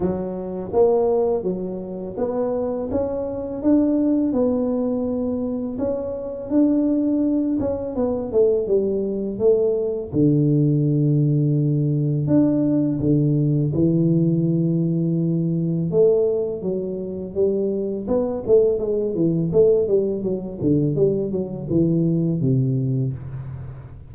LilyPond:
\new Staff \with { instrumentName = "tuba" } { \time 4/4 \tempo 4 = 83 fis4 ais4 fis4 b4 | cis'4 d'4 b2 | cis'4 d'4. cis'8 b8 a8 | g4 a4 d2~ |
d4 d'4 d4 e4~ | e2 a4 fis4 | g4 b8 a8 gis8 e8 a8 g8 | fis8 d8 g8 fis8 e4 c4 | }